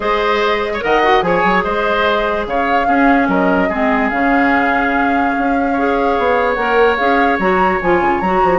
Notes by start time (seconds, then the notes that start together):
0.00 G#3 G#4 C5 D#5
0.73 C#5
0.80 D#3 A#4 D#5 F#5
1.03 F#4
1.21 F3 G#4 C#5 G#5
1.43 F#3
1.63 G#3 C5 D#5
2.46 C#3 C#5 F5
2.87 C#4 G#4
3.27 F#3 A#4 D#5
3.68 G#3 C4 G#4
4.09 C#3 C#4 F5
5.37 C#4
5.72 G#4 C#5
6.18 B3
6.54 A#3 A#4 F#5
6.96 C#4 G#4 F5
7.38 F#3 F#4 A#5
7.81 F3 F4 G#5
8.01 C#3
8.20 F#3 F#4 A#5
8.43 F3